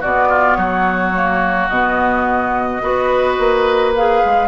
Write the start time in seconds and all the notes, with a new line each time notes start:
0.00 B2 B3 F#4 D5
0.29 F4
0.55 F#3 F#4 C#5
1.14 A#3
1.68 B2 B3 D#5
2.81 B3 F#4 B4
3.38 A#3
3.95 G#4 F5
4.25 G#3